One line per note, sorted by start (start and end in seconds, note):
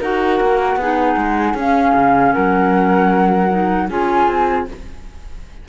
0.00 0.40 D#4
0.00 0.79 F#4
0.00 0.78 A#4
0.00 1.57 F#5
0.40 0.76 A#3
0.76 1.15 B3
0.76 1.57 D#4
0.76 2.33 G#4
1.17 1.54 G#3
1.54 1.93 C#4
1.54 3.50 C#4
1.54 2.33 F5
1.94 2.33 C#3
2.33 3.90 F#3
2.33 3.89 A#4
2.33 3.88 F#5
3.50 3.89 D#4
3.89 4.28 C#4
3.89 4.67 F4
3.89 4.67 G#4
3.89 4.68 G#5
4.28 4.67 C4